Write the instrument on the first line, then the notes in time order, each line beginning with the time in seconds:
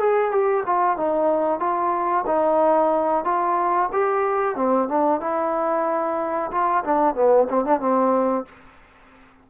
trombone
0.00 G#4
0.31 G4
0.66 F4
0.97 D#4
1.60 F4
2.27 D#4
3.25 F4
3.93 G4
4.56 C4
4.89 D4
5.21 E4
6.52 F4
6.85 D4
7.15 B3
7.50 C4
7.65 D4
7.80 C4